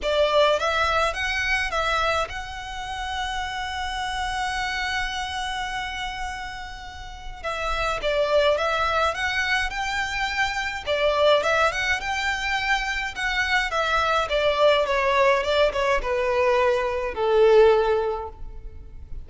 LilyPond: \new Staff \with { instrumentName = "violin" } { \time 4/4 \tempo 4 = 105 d''4 e''4 fis''4 e''4 | fis''1~ | fis''1~ | fis''4 e''4 d''4 e''4 |
fis''4 g''2 d''4 | e''8 fis''8 g''2 fis''4 | e''4 d''4 cis''4 d''8 cis''8 | b'2 a'2 | }